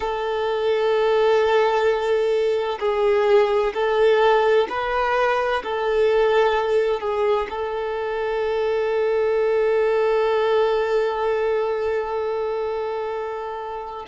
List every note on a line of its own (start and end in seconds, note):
0.00 2.79 A4
2.79 3.73 G#4
3.73 4.67 A4
4.69 5.62 B4
5.63 7.00 A4
7.00 7.47 G#4
7.49 14.05 A4